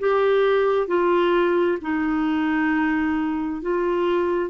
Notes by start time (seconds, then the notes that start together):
0.00 G4
0.88 F4
1.82 D#4
3.62 F4